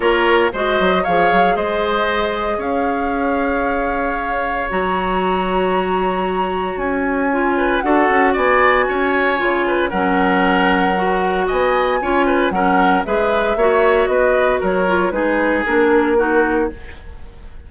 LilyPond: <<
  \new Staff \with { instrumentName = "flute" } { \time 4/4 \tempo 4 = 115 cis''4 dis''4 f''4 dis''4~ | dis''4 f''2.~ | f''4 ais''2.~ | ais''4 gis''2 fis''4 |
gis''2. fis''4~ | fis''2 gis''2 | fis''4 e''2 dis''4 | cis''4 b'4 ais'2 | }
  \new Staff \with { instrumentName = "oboe" } { \time 4/4 ais'4 c''4 cis''4 c''4~ | c''4 cis''2.~ | cis''1~ | cis''2~ cis''8 b'8 a'4 |
d''4 cis''4. b'8 ais'4~ | ais'2 dis''4 cis''8 b'8 | ais'4 b'4 cis''4 b'4 | ais'4 gis'2 fis'4 | }
  \new Staff \with { instrumentName = "clarinet" } { \time 4/4 f'4 fis'4 gis'2~ | gis'1~ | gis'4 fis'2.~ | fis'2 f'4 fis'4~ |
fis'2 f'4 cis'4~ | cis'4 fis'2 f'4 | cis'4 gis'4 fis'2~ | fis'8 f'8 dis'4 d'4 dis'4 | }
  \new Staff \with { instrumentName = "bassoon" } { \time 4/4 ais4 gis8 fis8 f8 fis8 gis4~ | gis4 cis'2.~ | cis'4 fis2.~ | fis4 cis'2 d'8 cis'8 |
b4 cis'4 cis4 fis4~ | fis2 b4 cis'4 | fis4 gis4 ais4 b4 | fis4 gis4 ais2 | }
>>